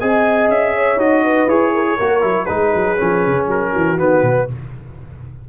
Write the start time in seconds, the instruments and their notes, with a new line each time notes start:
0.00 tuba C4, trombone G#4, horn D#5, trumpet G#5
0.49 tuba C#4, trumpet E5
0.76 horn C#5
0.96 tuba D#4, trombone F#4, trumpet D#5
1.24 horn B4
1.47 tuba E4, trombone G#4, trumpet C#5
1.74 horn A#4
1.89 horn G#4
1.98 tuba A#3, trombone F#4, horn A#4
2.21 tuba F#3, trombone E4
2.46 tuba G#3, trombone D#4, horn G#4, trumpet B4
2.76 tuba F#3
2.98 tuba F3, trombone C#4
3.27 tuba C#3
3.48 tuba F#3, trumpet A#4
3.73 tuba E3, horn F#4
3.98 tuba D#3, trombone B3, trumpet B4
4.22 tuba B2